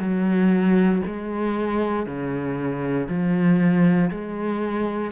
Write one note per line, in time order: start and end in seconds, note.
0.00 1.02 F#3
1.06 2.06 G#3
2.06 3.08 C#3
3.08 4.10 F3
4.10 5.12 G#3